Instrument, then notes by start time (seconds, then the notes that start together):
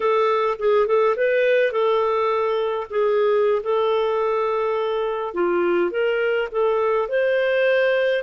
clarinet
0.00 A4
0.58 G#4
0.87 A4
1.16 B4
1.72 A4
2.90 G#4
3.63 A4
5.34 F4
5.90 A#4
6.51 A4
7.08 C5